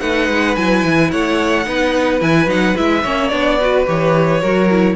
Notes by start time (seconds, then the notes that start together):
0.00 A3 D#4 B4 F#5
0.29 G#3
0.56 F#3 E4 G#5
0.84 E3
1.11 A3 C#5 F#5
1.65 B3 D#4 B4
2.20 E3 E4 G#5
2.47 F#3 D#4 F#5
2.76 G#3 E4 E5
3.04 A#3 C#4 C#5
3.29 B3 D4 D5
3.60 F#4 B4
3.86 E3 G4 C#5
4.41 F#3 F#4 A#4
4.71 E4